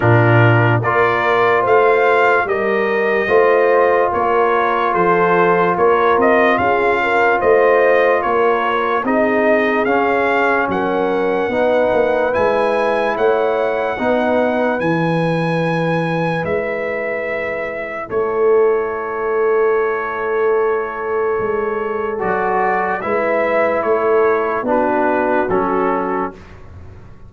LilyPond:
<<
  \new Staff \with { instrumentName = "trumpet" } { \time 4/4 \tempo 4 = 73 ais'4 d''4 f''4 dis''4~ | dis''4 cis''4 c''4 cis''8 dis''8 | f''4 dis''4 cis''4 dis''4 | f''4 fis''2 gis''4 |
fis''2 gis''2 | e''2 cis''2~ | cis''2. d''4 | e''4 cis''4 b'4 a'4 | }
  \new Staff \with { instrumentName = "horn" } { \time 4/4 f'4 ais'4 c''4 ais'4 | c''4 ais'4 a'4 ais'4 | gis'8 ais'8 c''4 ais'4 gis'4~ | gis'4 ais'4 b'2 |
cis''4 b'2.~ | b'2 a'2~ | a'1 | b'4 a'4 fis'2 | }
  \new Staff \with { instrumentName = "trombone" } { \time 4/4 d'4 f'2 g'4 | f'1~ | f'2. dis'4 | cis'2 dis'4 e'4~ |
e'4 dis'4 e'2~ | e'1~ | e'2. fis'4 | e'2 d'4 cis'4 | }
  \new Staff \with { instrumentName = "tuba" } { \time 4/4 ais,4 ais4 a4 g4 | a4 ais4 f4 ais8 c'8 | cis'4 a4 ais4 c'4 | cis'4 fis4 b8 ais8 gis4 |
a4 b4 e2 | gis2 a2~ | a2 gis4 fis4 | gis4 a4 b4 fis4 | }
>>